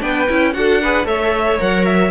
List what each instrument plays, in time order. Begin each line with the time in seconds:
0.00 cello B3, viola D4, violin B4 G5
0.28 cello C#4, viola E4
0.53 cello D4, viola F#4, violin A4 F#5
0.81 viola G#4, violin B4
1.04 cello A3, viola A4, violin C#5 E5
1.59 cello F#3, viola A#4, violin F#5
1.85 violin E5